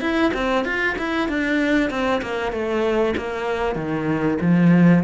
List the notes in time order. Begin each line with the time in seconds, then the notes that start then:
0.00 E4
0.33 C4
0.65 F4
0.98 E4
1.28 D4
1.90 C4
2.22 A#3
2.52 A3
3.17 A#3
3.75 D#3
4.41 F3